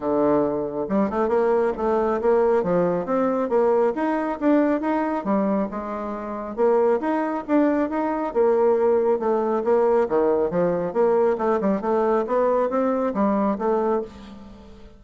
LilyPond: \new Staff \with { instrumentName = "bassoon" } { \time 4/4 \tempo 4 = 137 d2 g8 a8 ais4 | a4 ais4 f4 c'4 | ais4 dis'4 d'4 dis'4 | g4 gis2 ais4 |
dis'4 d'4 dis'4 ais4~ | ais4 a4 ais4 dis4 | f4 ais4 a8 g8 a4 | b4 c'4 g4 a4 | }